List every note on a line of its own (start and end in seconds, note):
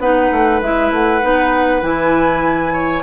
0.00 0.30 B3
0.00 0.62 D#4
0.00 2.73 B4
0.00 0.61 F#5
0.32 0.62 A3
0.62 0.92 G#3
0.62 1.22 E4
0.62 0.92 E5
0.92 1.22 A3
0.92 1.83 F#5
1.22 1.82 B3
1.22 1.82 D#4
1.82 3.03 E3
1.82 3.03 E4
1.82 3.03 G#5
2.73 3.03 C#5